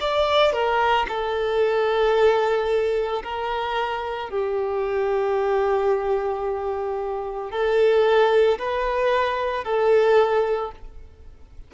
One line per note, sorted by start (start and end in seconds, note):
0.00 0.53 D5
0.53 1.06 A#4
1.08 3.22 A4
3.23 4.30 A#4
4.30 7.51 G4
7.51 8.58 A4
8.59 9.64 B4
9.64 10.71 A4